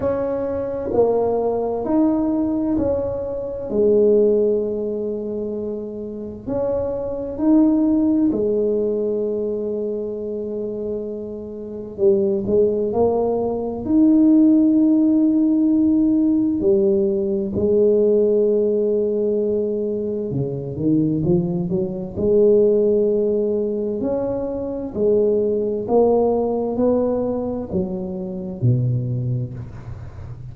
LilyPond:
\new Staff \with { instrumentName = "tuba" } { \time 4/4 \tempo 4 = 65 cis'4 ais4 dis'4 cis'4 | gis2. cis'4 | dis'4 gis2.~ | gis4 g8 gis8 ais4 dis'4~ |
dis'2 g4 gis4~ | gis2 cis8 dis8 f8 fis8 | gis2 cis'4 gis4 | ais4 b4 fis4 b,4 | }